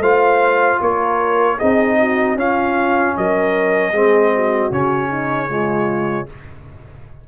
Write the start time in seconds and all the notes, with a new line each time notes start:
0.00 A3 F4 C5 F5
0.81 A#3 A#4 C#5
1.57 C4 D#4 G#4 D#5
1.99 F#4
2.35 C#4 F4 F5
3.17 F#3 A#4 D#5
3.92 G#3 C4 G#4
4.35 F#4
4.71 C#3 C#4 C#5
5.10 D#4
5.49 G#3 F4